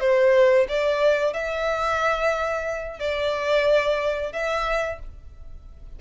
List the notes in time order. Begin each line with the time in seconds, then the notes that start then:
0.00 C5
0.68 D5
1.33 E5
2.99 D5
4.32 E5